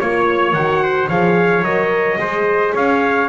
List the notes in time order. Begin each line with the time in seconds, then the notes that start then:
0.00 A#3 F4 C#5
0.53 D#3 F#4 F#5
0.83 C5
1.08 F3 G#4 C#5 F5
1.62 F#3 A#4 D#5
2.18 G#3 G#4 C5
2.74 C#4 C#5 F5